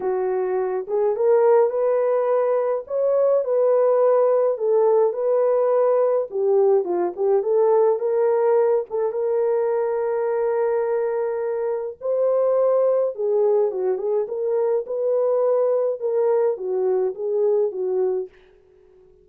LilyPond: \new Staff \with { instrumentName = "horn" } { \time 4/4 \tempo 4 = 105 fis'4. gis'8 ais'4 b'4~ | b'4 cis''4 b'2 | a'4 b'2 g'4 | f'8 g'8 a'4 ais'4. a'8 |
ais'1~ | ais'4 c''2 gis'4 | fis'8 gis'8 ais'4 b'2 | ais'4 fis'4 gis'4 fis'4 | }